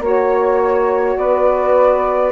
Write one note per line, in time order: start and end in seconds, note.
0.00 1.15 A#3
0.00 2.31 F#4
0.00 1.19 C#5
0.00 1.17 C#5
1.17 2.31 B3
1.17 2.31 B4
1.17 2.31 D5